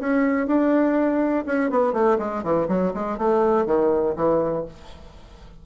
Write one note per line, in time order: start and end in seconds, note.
0.00 0.47 C#4
0.47 1.45 D4
1.46 1.70 C#4
1.70 1.93 B3
1.93 2.18 A3
2.19 2.43 G#3
2.43 2.68 E3
2.68 2.93 F#3
2.94 3.18 G#3
3.18 3.66 A3
3.66 4.15 D#3
4.16 4.65 E3